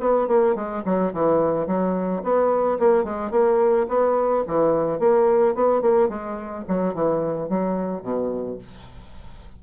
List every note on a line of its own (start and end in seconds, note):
0.00 0.28 B3
0.28 0.55 A#3
0.55 0.83 G#3
0.85 1.13 F#3
1.13 1.67 E3
1.67 2.22 F#3
2.23 2.79 B3
2.79 3.04 A#3
3.04 3.31 G#3
3.31 3.86 A#3
3.88 4.44 B3
4.47 4.99 E3
4.99 5.55 A#3
5.55 5.82 B3
5.82 6.09 A#3
6.09 6.64 G#3
6.68 6.94 F#3
6.94 7.49 E3
7.49 8.03 F#3
8.03 8.58 B2